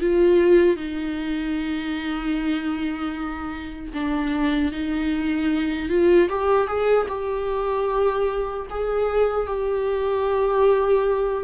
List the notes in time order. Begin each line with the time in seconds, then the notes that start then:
0.00 F4
0.76 D#4
3.93 D4
4.72 D#4
5.89 F4
6.29 G4
6.67 G#4
7.08 G4
8.69 G#4
9.46 G4